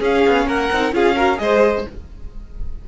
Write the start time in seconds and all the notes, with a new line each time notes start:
0.00 C#4 G#4 F5
0.27 B3
0.47 A#3 A#4 F#5
0.72 C4 D#4
0.93 C#4 F4 G#4 F5
1.16 F#4 A#4
1.38 G#3 G#4 C5 D#5